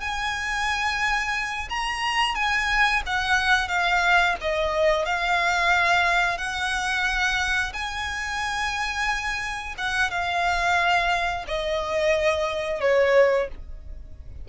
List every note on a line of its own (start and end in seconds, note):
0.00 1.69 G#5
1.69 2.35 A#5
2.35 3.02 G#5
3.06 3.68 F#5
3.68 4.35 F5
4.41 5.06 D#5
5.06 6.38 F5
6.38 7.73 F#5
7.73 9.75 G#5
9.78 10.11 F#5
10.11 11.45 F5
11.47 12.81 D#5
12.81 13.48 C#5